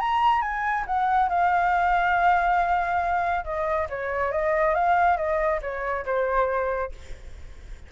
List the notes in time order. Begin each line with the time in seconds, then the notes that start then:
0.00 A#5
0.41 G#5
0.87 F#5
1.29 F5
3.45 D#5
3.89 C#5
4.32 D#5
4.75 F5
5.17 D#5
5.62 C#5
6.05 C5